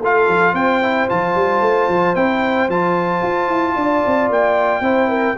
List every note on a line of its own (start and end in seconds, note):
0.00 0.27 A3
0.00 0.82 F4
0.00 0.54 A4
0.00 0.55 F5
0.27 0.53 F3
0.53 1.07 C4
0.53 3.76 C5
0.53 1.08 G5
0.82 1.08 E4
1.08 1.35 F3
1.08 2.16 F4
1.08 2.15 A5
1.35 1.61 G3
1.61 1.87 A3
1.88 2.15 F3
2.15 2.68 C4
2.15 2.69 E4
2.15 2.69 G5
2.68 3.22 F3
2.68 4.82 F4
2.68 4.31 A5
3.22 3.48 F4
3.48 3.74 E4
3.75 4.02 D4
3.75 4.83 D5
4.06 4.29 C4
4.29 4.80 A#3
4.29 5.37 G5
4.80 5.34 C4
4.80 5.36 E4
4.80 5.09 C5
5.09 5.35 A#4